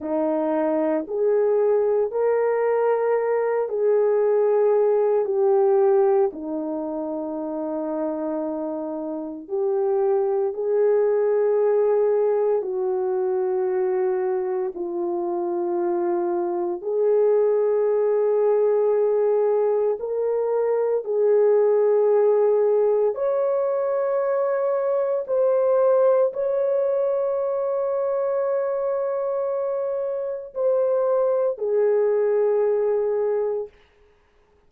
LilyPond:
\new Staff \with { instrumentName = "horn" } { \time 4/4 \tempo 4 = 57 dis'4 gis'4 ais'4. gis'8~ | gis'4 g'4 dis'2~ | dis'4 g'4 gis'2 | fis'2 f'2 |
gis'2. ais'4 | gis'2 cis''2 | c''4 cis''2.~ | cis''4 c''4 gis'2 | }